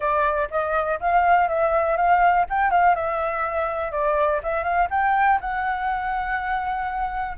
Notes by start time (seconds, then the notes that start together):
0.00 D5
0.50 D#5
0.99 F5
1.48 E5
1.96 F5
2.49 G5
2.70 F5
2.95 E5
3.91 D5
4.43 E5
4.63 F5
4.90 G5
5.40 F#5